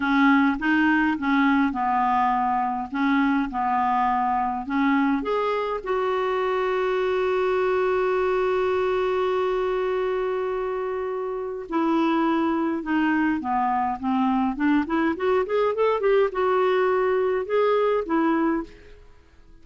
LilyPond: \new Staff \with { instrumentName = "clarinet" } { \time 4/4 \tempo 4 = 103 cis'4 dis'4 cis'4 b4~ | b4 cis'4 b2 | cis'4 gis'4 fis'2~ | fis'1~ |
fis'1 | e'2 dis'4 b4 | c'4 d'8 e'8 fis'8 gis'8 a'8 g'8 | fis'2 gis'4 e'4 | }